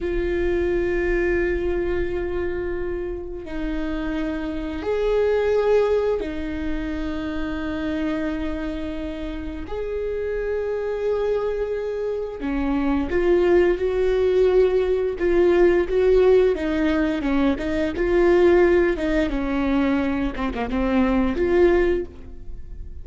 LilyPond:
\new Staff \with { instrumentName = "viola" } { \time 4/4 \tempo 4 = 87 f'1~ | f'4 dis'2 gis'4~ | gis'4 dis'2.~ | dis'2 gis'2~ |
gis'2 cis'4 f'4 | fis'2 f'4 fis'4 | dis'4 cis'8 dis'8 f'4. dis'8 | cis'4. c'16 ais16 c'4 f'4 | }